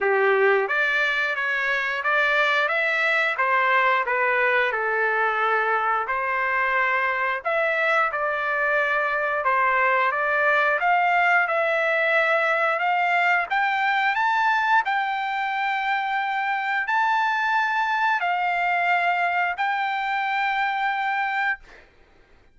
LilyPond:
\new Staff \with { instrumentName = "trumpet" } { \time 4/4 \tempo 4 = 89 g'4 d''4 cis''4 d''4 | e''4 c''4 b'4 a'4~ | a'4 c''2 e''4 | d''2 c''4 d''4 |
f''4 e''2 f''4 | g''4 a''4 g''2~ | g''4 a''2 f''4~ | f''4 g''2. | }